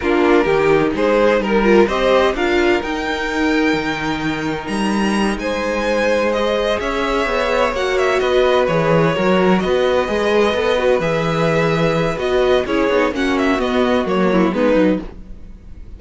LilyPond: <<
  \new Staff \with { instrumentName = "violin" } { \time 4/4 \tempo 4 = 128 ais'2 c''4 ais'4 | dis''4 f''4 g''2~ | g''2 ais''4. gis''8~ | gis''4. dis''4 e''4.~ |
e''8 fis''8 e''8 dis''4 cis''4.~ | cis''8 dis''2. e''8~ | e''2 dis''4 cis''4 | fis''8 e''8 dis''4 cis''4 b'4 | }
  \new Staff \with { instrumentName = "violin" } { \time 4/4 f'4 g'4 gis'4 ais'4 | c''4 ais'2.~ | ais'2.~ ais'8 c''8~ | c''2~ c''8 cis''4.~ |
cis''4. b'2 ais'8~ | ais'8 b'2.~ b'8~ | b'2. gis'4 | fis'2~ fis'8 e'8 dis'4 | }
  \new Staff \with { instrumentName = "viola" } { \time 4/4 d'4 dis'2~ dis'8 f'8 | g'4 f'4 dis'2~ | dis'1~ | dis'4. gis'2~ gis'8~ |
gis'8 fis'2 gis'4 fis'8~ | fis'4. gis'4 a'8 fis'8 gis'8~ | gis'2 fis'4 e'8 dis'8 | cis'4 b4 ais4 b8 dis'8 | }
  \new Staff \with { instrumentName = "cello" } { \time 4/4 ais4 dis4 gis4 g4 | c'4 d'4 dis'2 | dis2 g4. gis8~ | gis2~ gis8 cis'4 b8~ |
b8 ais4 b4 e4 fis8~ | fis8 b4 gis4 b4 e8~ | e2 b4 cis'8 b8 | ais4 b4 fis4 gis8 fis8 | }
>>